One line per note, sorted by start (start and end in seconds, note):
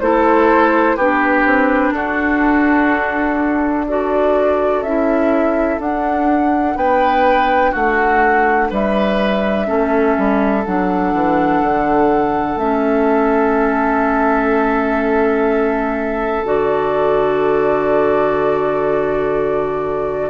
0.00 0.97 A3
0.00 0.98 E4
0.00 0.96 A4
0.00 0.97 C5
0.96 1.45 B3
0.96 3.88 D4
0.96 1.93 G4
0.96 1.92 B4
1.45 1.92 C4
1.92 4.81 D4
1.92 3.86 F#4
1.92 3.85 A4
3.86 4.85 F#4
3.86 6.76 A4
3.86 4.82 D5
4.81 5.78 C#4
4.81 5.80 E4
4.81 5.79 E5
5.78 6.75 D4
5.78 9.66 D4
5.78 6.77 F#5
6.75 7.72 B3
6.75 7.71 B4
6.75 7.74 G5
7.71 8.71 A3
7.71 8.68 F#4
7.71 8.71 F#5
8.70 9.68 G3
8.70 9.66 B4
8.70 10.65 E5
9.66 10.17 A3
9.66 10.62 C#4
9.66 20.30 A4
10.17 10.66 G3
10.65 11.13 F#3
10.65 12.58 D4
10.65 12.58 F#5
11.13 11.61 E3
11.61 12.56 D3
12.56 16.43 A3
12.56 16.45 C#4
12.56 16.45 E5
16.44 20.30 D3
16.44 20.30 F#4
16.44 20.30 D5